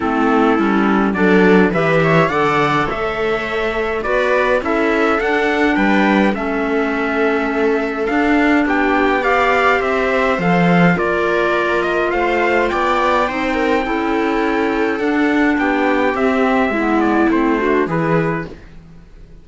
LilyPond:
<<
  \new Staff \with { instrumentName = "trumpet" } { \time 4/4 \tempo 4 = 104 a'2 d''4 e''4 | fis''4 e''2 d''4 | e''4 fis''4 g''4 e''4~ | e''2 f''4 g''4 |
f''4 e''4 f''4 d''4~ | d''8 dis''8 f''4 g''2~ | g''2 fis''4 g''4 | e''4. d''8 c''4 b'4 | }
  \new Staff \with { instrumentName = "viola" } { \time 4/4 e'2 a'4 b'8 cis''8 | d''4 cis''2 b'4 | a'2 b'4 a'4~ | a'2. g'4 |
d''4 c''2 ais'4~ | ais'4 c''4 d''4 c''8 ais'8 | a'2. g'4~ | g'4 e'4. fis'8 gis'4 | }
  \new Staff \with { instrumentName = "clarinet" } { \time 4/4 c'4 cis'4 d'4 g'4 | a'2. fis'4 | e'4 d'2 cis'4~ | cis'2 d'2 |
g'2 a'4 f'4~ | f'2. dis'4 | e'2 d'2 | c'4 b4 c'8 d'8 e'4 | }
  \new Staff \with { instrumentName = "cello" } { \time 4/4 a4 g4 fis4 e4 | d4 a2 b4 | cis'4 d'4 g4 a4~ | a2 d'4 b4~ |
b4 c'4 f4 ais4~ | ais4 a4 b4 c'4 | cis'2 d'4 b4 | c'4 gis4 a4 e4 | }
>>